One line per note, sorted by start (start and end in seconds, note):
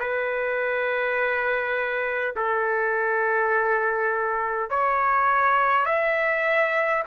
0.00 2.35 B4
2.36 4.71 A4
4.71 5.86 C#5
5.86 7.04 E5